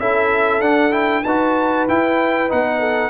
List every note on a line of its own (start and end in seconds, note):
0.00 0.61 C#4
0.00 0.62 E4
0.00 1.25 A4
0.00 0.62 E5
0.61 1.24 D4
0.61 0.92 D4
0.61 0.93 F#5
0.92 1.23 E4
0.92 1.24 G5
1.24 1.88 D#4
1.24 1.89 F#4
1.24 2.80 B4
1.24 1.87 A5
1.89 2.49 E4
1.89 2.51 E4
1.89 2.51 G5
2.49 3.10 B3
2.49 3.10 D#4
2.49 3.10 F#5
2.80 3.10 A4